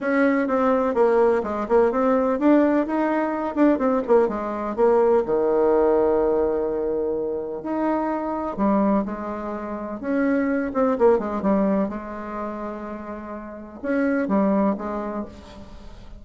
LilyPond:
\new Staff \with { instrumentName = "bassoon" } { \time 4/4 \tempo 4 = 126 cis'4 c'4 ais4 gis8 ais8 | c'4 d'4 dis'4. d'8 | c'8 ais8 gis4 ais4 dis4~ | dis1 |
dis'2 g4 gis4~ | gis4 cis'4. c'8 ais8 gis8 | g4 gis2.~ | gis4 cis'4 g4 gis4 | }